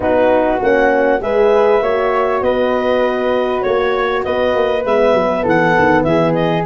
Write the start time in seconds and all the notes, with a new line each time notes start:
0.00 B3 D#4 F#4 B4
0.60 A#3 C#4 F#5
1.19 G#3 G#4 B4 E5
1.81 A#3 F#4 C#5
2.41 B3 B4 D#5
3.61 A#3 C#5
4.24 B3 B4 D#5
4.55 A#3
4.84 G#3 B3 E5
5.13 F#3
5.42 E3 A4 F#5
5.78 D#3
6.03 E3 G#4 E5
6.33 D#5